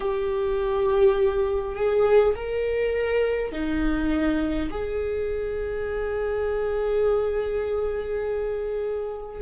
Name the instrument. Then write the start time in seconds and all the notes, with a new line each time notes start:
viola
0.00 G4
1.75 G#4
2.35 A#4
3.52 D#4
4.70 G#4